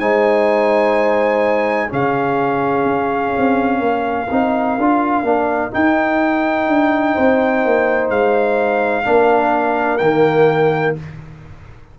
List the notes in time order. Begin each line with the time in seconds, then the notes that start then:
0.00 G#3 D#4 C5 G#5
1.89 C#3 C#4 G#4 F5
2.85 C#4
3.38 C4
3.80 A#3 A#4
4.31 C4 D#4
4.78 D4 F4
5.23 A#3 D4
5.71 D#4 G5
6.68 D4
7.14 C4 C5
7.65 A#3
8.10 G#3 F5
9.05 A#3 D4 A#4
9.98 D#3 A#3 G5